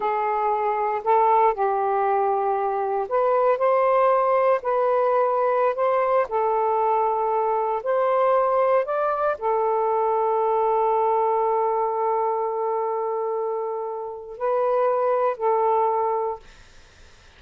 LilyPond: \new Staff \with { instrumentName = "saxophone" } { \time 4/4 \tempo 4 = 117 gis'2 a'4 g'4~ | g'2 b'4 c''4~ | c''4 b'2~ b'16 c''8.~ | c''16 a'2. c''8.~ |
c''4~ c''16 d''4 a'4.~ a'16~ | a'1~ | a'1 | b'2 a'2 | }